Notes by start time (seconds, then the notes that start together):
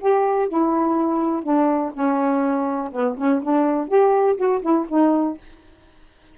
0.00 G4
0.48 E4
1.43 D4
1.94 C#4
2.92 B3
3.18 C#4
3.43 D4
3.88 G4
4.37 F#4
4.62 E4
4.88 D#4